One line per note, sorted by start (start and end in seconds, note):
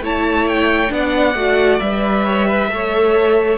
0.00 0.90 A3
0.00 0.89 E4
0.00 0.93 C#5
0.00 0.48 A5
0.48 0.92 G5
0.89 1.34 B3
0.89 1.33 D4
0.89 2.25 D5
0.89 1.79 F#5
1.34 1.79 A3
1.34 1.81 F#4
1.79 2.70 G3
1.79 2.70 B4
1.79 3.58 E5
2.25 2.47 C#5
2.47 2.70 B4
2.70 3.58 A3
2.70 3.58 A4
2.70 3.58 C#5